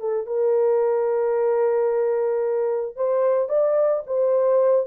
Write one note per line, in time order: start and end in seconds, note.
0.00 0.26 A4
0.26 2.96 A#4
2.96 3.49 C5
3.49 4.03 D5
4.06 4.86 C5